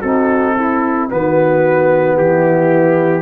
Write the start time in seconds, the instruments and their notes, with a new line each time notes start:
0.00 tuba C4, trombone D#4, horn F#4, trumpet A4
0.56 horn E4, trombone E4
1.10 tuba D#3, trombone B3, horn F#4, trumpet B4
2.17 tuba E3, horn E4, trumpet G4